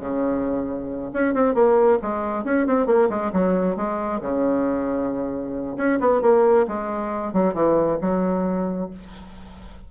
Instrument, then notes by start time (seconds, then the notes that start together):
bassoon
0.00 C#3
1.13 C#4
1.34 C4
1.55 A#3
2.02 G#3
2.45 C#4
2.67 C4
2.86 A#3
3.09 G#3
3.33 F#3
3.76 G#3
4.21 C#3
5.77 C#4
6.00 B3
6.22 A#3
6.67 G#3
7.33 F#3
7.54 E3
8.01 F#3